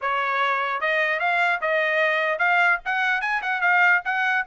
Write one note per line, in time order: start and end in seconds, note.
0.01 0.81 C#5
0.81 1.19 D#5
1.19 1.60 F5
1.61 2.39 D#5
2.39 2.79 F5
2.85 3.21 F#5
3.21 3.41 G#5
3.42 3.61 F#5
3.61 4.01 F5
4.05 4.45 F#5